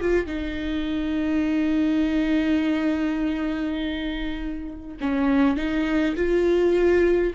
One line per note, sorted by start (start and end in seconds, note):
0.00 0.26 F4
0.26 4.96 D#4
5.00 5.56 C#4
5.56 6.15 D#4
6.16 7.33 F4